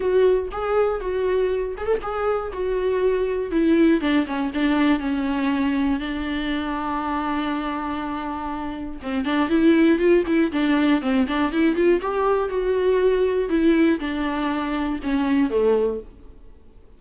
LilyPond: \new Staff \with { instrumentName = "viola" } { \time 4/4 \tempo 4 = 120 fis'4 gis'4 fis'4. gis'16 a'16 | gis'4 fis'2 e'4 | d'8 cis'8 d'4 cis'2 | d'1~ |
d'2 c'8 d'8 e'4 | f'8 e'8 d'4 c'8 d'8 e'8 f'8 | g'4 fis'2 e'4 | d'2 cis'4 a4 | }